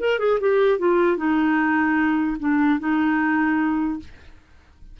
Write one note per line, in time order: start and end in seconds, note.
0.00 0.19 A#4
0.19 0.39 G#4
0.40 0.79 G4
0.79 1.17 F4
1.17 2.37 D#4
2.39 2.79 D4
2.79 3.99 D#4